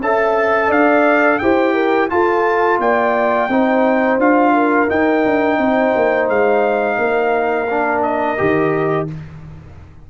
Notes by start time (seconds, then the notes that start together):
0.00 C#4 A4 E5 A5
0.68 D4 D5 F5
1.38 E4 G4 C5 G5
1.73 A#4
2.09 F4 A4 A5
2.78 A#3 D5 G5
3.48 C4 D#4 C5
4.18 D4 F4 F5
4.52 A#4
4.88 D#4 G5
5.25 D4
5.58 C4 C5
5.95 A#3
6.29 G#3 F5
6.97 A#3 A#4
7.70 D4
8.02 D#5
8.37 D#3 G4